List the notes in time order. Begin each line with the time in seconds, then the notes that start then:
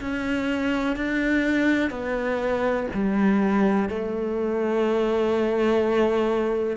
0.00 C#4
0.96 D4
1.90 B3
2.93 G3
3.88 A3